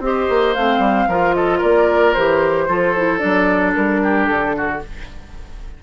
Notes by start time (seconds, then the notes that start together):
0.00 C4 G4 D#5
0.06 C5
0.29 A#3
0.54 A3 C4 F5
0.79 G3
1.08 F3 F4 A#4
1.34 A4 D#5
1.58 A#3 A#4 D5
2.14 E3 G4 C5
2.68 F3 F4 A4
2.97 E4
3.19 F#3 D4 D5
3.74 G3 A#4
4.03 G4
4.26 D3 A4
4.57 F#4